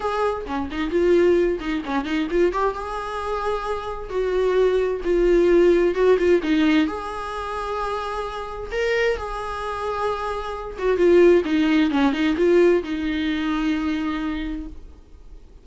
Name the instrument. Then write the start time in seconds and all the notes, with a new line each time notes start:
viola
0.00 G#4
0.46 C#4
0.71 D#4
0.90 F4
1.60 D#4
1.85 C#4
2.04 D#4
2.30 F4
2.52 G4
2.74 G#4
4.09 F#4
5.04 F4
5.94 F#4
6.18 F4
6.42 D#4
6.87 G#4
8.71 A#4
9.16 G#4
10.78 F#4
10.97 F4
11.44 D#4
11.90 C#4
12.12 D#4
12.37 F4
12.83 D#4